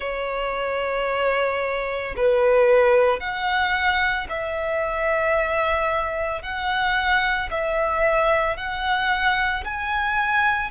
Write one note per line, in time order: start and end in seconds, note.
0.00 2.14 C#5
2.16 3.19 B4
3.19 4.27 F#5
4.29 6.42 E5
6.42 7.49 F#5
7.50 8.57 E5
8.57 9.64 F#5
9.64 10.70 G#5